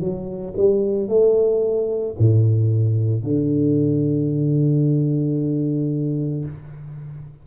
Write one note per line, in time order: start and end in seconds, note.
0.00 0.54 F#3
0.56 1.08 G3
1.08 2.15 A3
2.19 3.23 A2
3.23 6.45 D3